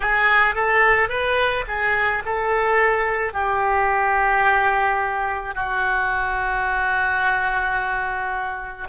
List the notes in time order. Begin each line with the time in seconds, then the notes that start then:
0.00 G#4
0.55 A4
1.09 B4
1.67 G#4
2.25 A4
3.33 G4
5.55 F#4